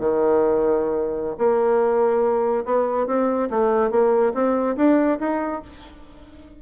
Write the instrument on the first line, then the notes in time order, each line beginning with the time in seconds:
bassoon
0.00 D#3
1.39 A#3
2.66 B3
3.07 C4
3.51 A3
3.91 A#3
4.34 C4
4.77 D4
5.20 D#4